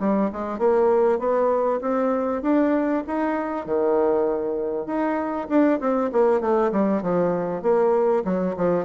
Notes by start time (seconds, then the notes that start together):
0.00 G3
0.33 G#3
0.59 A#3
1.19 B3
1.81 C4
2.42 D4
3.07 D#4
3.66 D#3
4.86 D#4
5.49 D4
5.80 C4
6.12 A#3
6.41 A3
6.72 G3
7.02 F3
7.62 A#3
8.25 F#3
8.57 F3